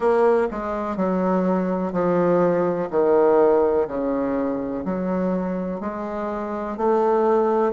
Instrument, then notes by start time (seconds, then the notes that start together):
bassoon
0.00 A#3
0.50 G#3
0.96 F#3
1.92 F3
2.90 D#3
3.87 C#3
4.84 F#3
5.80 G#3
6.77 A3